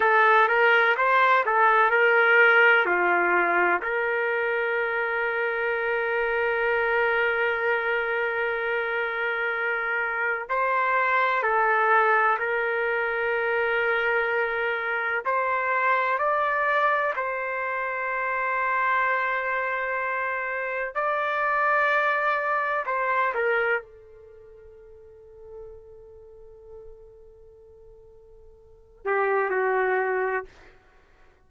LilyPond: \new Staff \with { instrumentName = "trumpet" } { \time 4/4 \tempo 4 = 63 a'8 ais'8 c''8 a'8 ais'4 f'4 | ais'1~ | ais'2. c''4 | a'4 ais'2. |
c''4 d''4 c''2~ | c''2 d''2 | c''8 ais'8 a'2.~ | a'2~ a'8 g'8 fis'4 | }